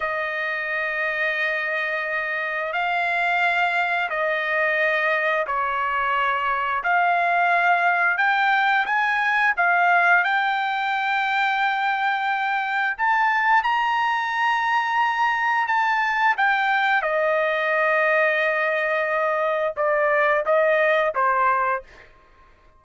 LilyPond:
\new Staff \with { instrumentName = "trumpet" } { \time 4/4 \tempo 4 = 88 dis''1 | f''2 dis''2 | cis''2 f''2 | g''4 gis''4 f''4 g''4~ |
g''2. a''4 | ais''2. a''4 | g''4 dis''2.~ | dis''4 d''4 dis''4 c''4 | }